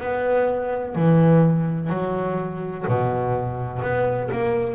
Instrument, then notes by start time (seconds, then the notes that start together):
double bass
0.00 B3
0.95 E3
1.90 F#3
2.88 B2
3.82 B3
4.32 A#3